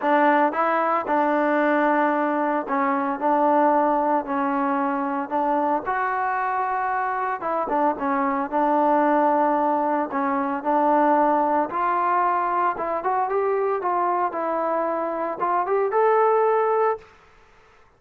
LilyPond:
\new Staff \with { instrumentName = "trombone" } { \time 4/4 \tempo 4 = 113 d'4 e'4 d'2~ | d'4 cis'4 d'2 | cis'2 d'4 fis'4~ | fis'2 e'8 d'8 cis'4 |
d'2. cis'4 | d'2 f'2 | e'8 fis'8 g'4 f'4 e'4~ | e'4 f'8 g'8 a'2 | }